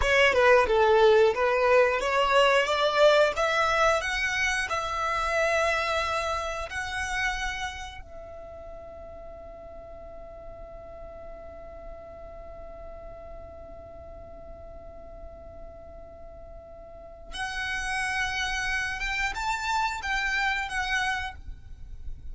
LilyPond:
\new Staff \with { instrumentName = "violin" } { \time 4/4 \tempo 4 = 90 cis''8 b'8 a'4 b'4 cis''4 | d''4 e''4 fis''4 e''4~ | e''2 fis''2 | e''1~ |
e''1~ | e''1~ | e''2 fis''2~ | fis''8 g''8 a''4 g''4 fis''4 | }